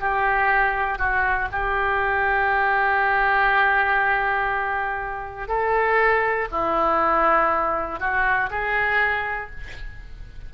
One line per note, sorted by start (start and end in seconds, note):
0.00 0.99 G4
0.99 1.49 F#4
1.52 5.48 G4
5.48 6.48 A4
6.51 8.00 E4
8.00 8.50 F#4
8.50 9.50 G#4